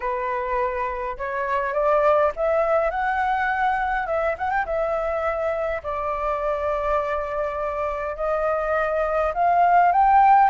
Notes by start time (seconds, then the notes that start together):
0.00 B4
1.17 C#5
1.73 D5
2.36 E5
2.90 F#5
4.06 E5
4.38 F#5
4.50 G5
4.65 E5
5.83 D5
8.16 D#5
9.34 F5
9.92 G5